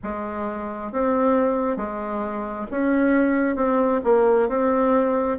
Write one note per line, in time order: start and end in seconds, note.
0.03 0.92 G#3
0.92 1.76 C4
1.76 2.66 G#3
2.70 3.56 C#4
3.56 4.01 C4
4.03 4.48 A#3
4.49 5.38 C4